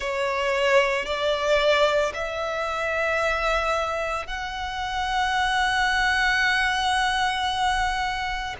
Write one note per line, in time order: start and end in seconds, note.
0.00 1.05 C#5
1.05 2.12 D5
2.14 4.27 E5
4.27 8.55 F#5